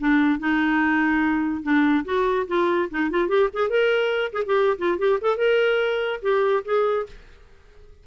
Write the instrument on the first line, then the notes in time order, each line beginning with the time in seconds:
clarinet
0.00 D4
0.39 D#4
1.63 D4
2.05 F#4
2.47 F4
2.90 D#4
3.10 F4
3.28 G4
3.53 G#4
3.70 A#4
4.33 G#4
4.46 G4
4.78 F4
4.98 G4
5.21 A4
5.37 A#4
6.22 G4
6.65 G#4